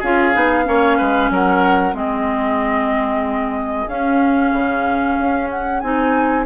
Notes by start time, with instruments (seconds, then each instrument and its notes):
0.00 bassoon C#4, clarinet F4, oboe G#4, flute F5
0.33 bassoon B3, clarinet D#4
0.65 bassoon A#3, clarinet C#4, oboe C#5
0.98 bassoon G#3, oboe B4
1.30 bassoon F#3, oboe A#4, flute F#5
1.93 bassoon G#3, clarinet C4, oboe G#4, flute D#5
3.87 bassoon C#4, clarinet C#4, flute F5
4.53 bassoon C#3
5.19 bassoon C#4
5.51 flute F#5
5.81 bassoon C4, clarinet D#4, flute G#5